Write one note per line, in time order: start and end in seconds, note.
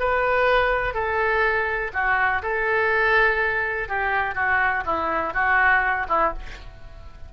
0.00 0.94 B4
0.94 1.92 A4
1.94 2.43 F#4
2.43 3.89 A4
3.89 4.35 G4
4.35 4.84 F#4
4.86 5.34 E4
5.34 6.07 F#4
6.09 6.34 E4